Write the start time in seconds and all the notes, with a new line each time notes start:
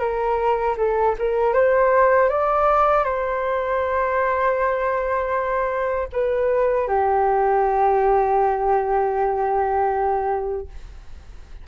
0.00 A#4
0.78 A4
1.19 A#4
1.54 C5
2.30 D5
3.04 C5
6.13 B4
6.88 G4